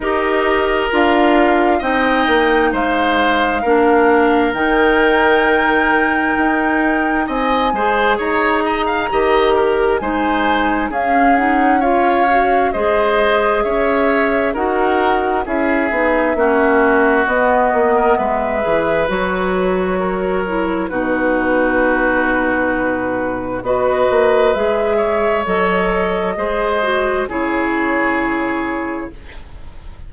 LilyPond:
<<
  \new Staff \with { instrumentName = "flute" } { \time 4/4 \tempo 4 = 66 dis''4 f''4 g''4 f''4~ | f''4 g''2. | gis''4 ais''2 gis''4 | f''8 fis''8 f''4 dis''4 e''4 |
fis''4 e''2 dis''4 | e''4 cis''2 b'4~ | b'2 dis''4 e''4 | dis''2 cis''2 | }
  \new Staff \with { instrumentName = "oboe" } { \time 4/4 ais'2 dis''4 c''4 | ais'1 | dis''8 c''8 cis''8 dis''16 f''16 dis''8 ais'8 c''4 | gis'4 cis''4 c''4 cis''4 |
ais'4 gis'4 fis'4.~ fis'16 ais'16 | b'2 ais'4 fis'4~ | fis'2 b'4. cis''8~ | cis''4 c''4 gis'2 | }
  \new Staff \with { instrumentName = "clarinet" } { \time 4/4 g'4 f'4 dis'2 | d'4 dis'2.~ | dis'8 gis'4. g'4 dis'4 | cis'8 dis'8 f'8 fis'8 gis'2 |
fis'4 e'8 dis'8 cis'4 b4~ | b8 gis'8 fis'4. e'8 dis'4~ | dis'2 fis'4 gis'4 | a'4 gis'8 fis'8 e'2 | }
  \new Staff \with { instrumentName = "bassoon" } { \time 4/4 dis'4 d'4 c'8 ais8 gis4 | ais4 dis2 dis'4 | c'8 gis8 dis'4 dis4 gis4 | cis'2 gis4 cis'4 |
dis'4 cis'8 b8 ais4 b8 ais8 | gis8 e8 fis2 b,4~ | b,2 b8 ais8 gis4 | fis4 gis4 cis2 | }
>>